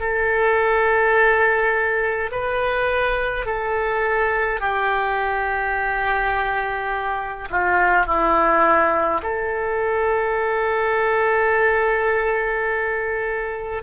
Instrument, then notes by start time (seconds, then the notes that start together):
oboe
0.00 A4
2.32 B4
3.46 A4
4.60 G4
7.51 F4
8.07 E4
9.23 A4